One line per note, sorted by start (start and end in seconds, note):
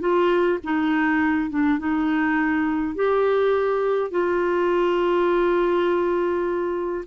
0.00 0.59 F4
0.64 1.50 D#4
1.50 1.79 D4
1.79 2.95 D#4
2.95 4.11 G4
4.11 7.05 F4